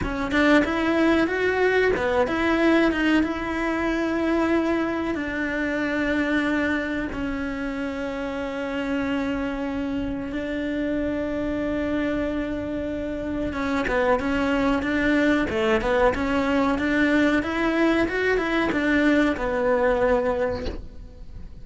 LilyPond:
\new Staff \with { instrumentName = "cello" } { \time 4/4 \tempo 4 = 93 cis'8 d'8 e'4 fis'4 b8 e'8~ | e'8 dis'8 e'2. | d'2. cis'4~ | cis'1 |
d'1~ | d'4 cis'8 b8 cis'4 d'4 | a8 b8 cis'4 d'4 e'4 | fis'8 e'8 d'4 b2 | }